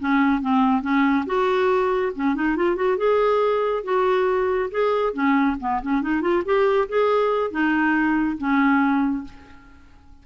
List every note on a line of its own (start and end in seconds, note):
0.00 0.42 C#4
0.42 0.82 C4
0.82 1.25 C#4
1.26 2.13 F#4
2.16 2.35 C#4
2.35 2.57 D#4
2.57 2.76 F4
2.76 2.98 F#4
2.98 3.84 G#4
3.84 4.71 F#4
4.71 5.14 G#4
5.14 5.57 C#4
5.60 5.82 B3
5.82 6.02 C#4
6.02 6.22 D#4
6.22 6.43 F4
6.46 6.89 G4
6.89 7.51 G#4
7.51 8.37 D#4
8.38 9.25 C#4